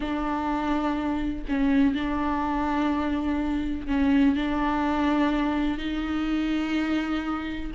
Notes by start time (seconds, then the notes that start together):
0.00 D4
1.48 C#4
1.94 D4
3.87 C#4
4.35 D4
5.78 D#4